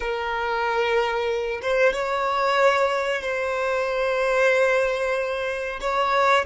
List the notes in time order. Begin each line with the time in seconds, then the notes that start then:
0.00 A#4
1.61 C5
1.93 C#5
3.21 C5
5.80 C#5